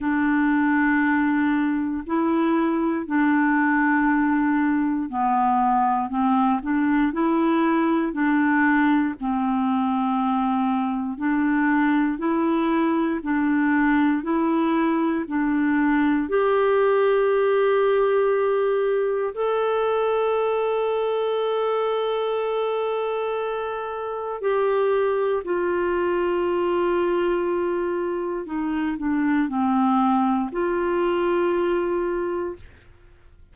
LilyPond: \new Staff \with { instrumentName = "clarinet" } { \time 4/4 \tempo 4 = 59 d'2 e'4 d'4~ | d'4 b4 c'8 d'8 e'4 | d'4 c'2 d'4 | e'4 d'4 e'4 d'4 |
g'2. a'4~ | a'1 | g'4 f'2. | dis'8 d'8 c'4 f'2 | }